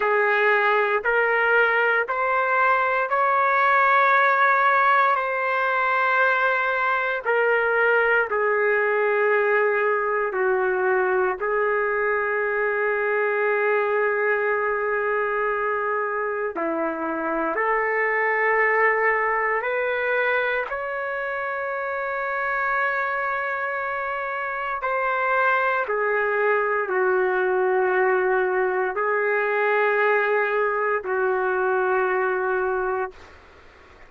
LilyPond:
\new Staff \with { instrumentName = "trumpet" } { \time 4/4 \tempo 4 = 58 gis'4 ais'4 c''4 cis''4~ | cis''4 c''2 ais'4 | gis'2 fis'4 gis'4~ | gis'1 |
e'4 a'2 b'4 | cis''1 | c''4 gis'4 fis'2 | gis'2 fis'2 | }